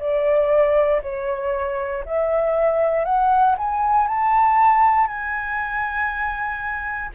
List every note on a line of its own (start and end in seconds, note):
0.00 1.02 D5
1.03 2.04 C#5
2.06 3.06 E5
3.06 3.56 F#5
3.58 4.08 G#5
4.08 5.08 A5
5.08 7.11 G#5